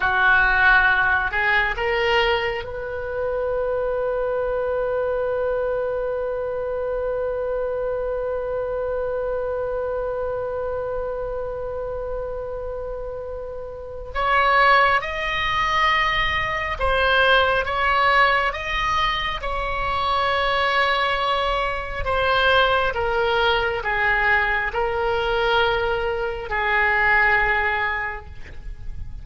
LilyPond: \new Staff \with { instrumentName = "oboe" } { \time 4/4 \tempo 4 = 68 fis'4. gis'8 ais'4 b'4~ | b'1~ | b'1~ | b'1 |
cis''4 dis''2 c''4 | cis''4 dis''4 cis''2~ | cis''4 c''4 ais'4 gis'4 | ais'2 gis'2 | }